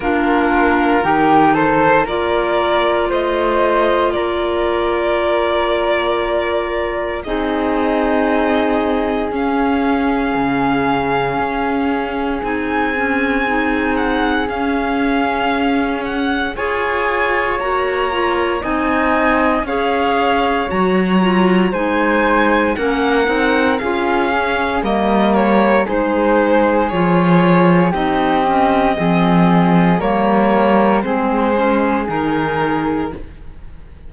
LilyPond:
<<
  \new Staff \with { instrumentName = "violin" } { \time 4/4 \tempo 4 = 58 ais'4. c''8 d''4 dis''4 | d''2. dis''4~ | dis''4 f''2. | gis''4. fis''8 f''4. fis''8 |
gis''4 ais''4 gis''4 f''4 | ais''4 gis''4 fis''4 f''4 | dis''8 cis''8 c''4 cis''4 dis''4~ | dis''4 cis''4 c''4 ais'4 | }
  \new Staff \with { instrumentName = "flute" } { \time 4/4 f'4 g'8 a'8 ais'4 c''4 | ais'2. gis'4~ | gis'1~ | gis'1 |
cis''2 dis''4 cis''4~ | cis''4 c''4 ais'4 gis'4 | ais'4 gis'2 g'4 | gis'4 ais'4 gis'2 | }
  \new Staff \with { instrumentName = "clarinet" } { \time 4/4 d'4 dis'4 f'2~ | f'2. dis'4~ | dis'4 cis'2. | dis'8 cis'8 dis'4 cis'2 |
gis'4 fis'8 f'8 dis'4 gis'4 | fis'8 f'8 dis'4 cis'8 dis'8 f'8 cis'8 | ais4 dis'4 f'4 dis'8 cis'8 | c'4 ais4 c'8 cis'8 dis'4 | }
  \new Staff \with { instrumentName = "cello" } { \time 4/4 ais4 dis4 ais4 a4 | ais2. c'4~ | c'4 cis'4 cis4 cis'4 | c'2 cis'2 |
f'4 ais4 c'4 cis'4 | fis4 gis4 ais8 c'8 cis'4 | g4 gis4 f4 c'4 | f4 g4 gis4 dis4 | }
>>